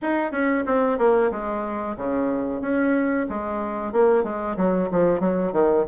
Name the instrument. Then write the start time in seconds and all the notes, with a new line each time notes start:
bassoon
0.02 D#4
0.31 C#4
0.66 C4
0.98 A#3
1.31 G#3
1.97 C#3
2.61 C#4
3.29 G#3
3.92 A#3
4.23 G#3
4.57 F#3
4.91 F3
5.20 F#3
5.52 D#3